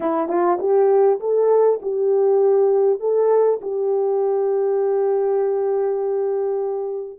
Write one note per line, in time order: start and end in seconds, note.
0.00 0.28 E4
0.28 0.58 F4
0.59 1.19 G4
1.20 1.80 A4
1.82 3.00 G4
3.00 3.60 A4
3.61 7.19 G4